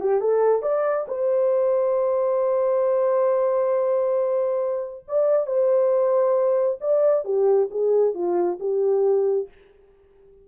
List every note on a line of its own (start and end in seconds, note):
0.00 0.21 G4
0.21 0.62 A4
0.62 1.06 D5
1.08 5.05 C5
5.08 5.46 D5
5.46 6.79 C5
6.80 7.25 D5
7.25 7.69 G4
7.71 8.14 G#4
8.14 8.58 F4
8.60 9.48 G4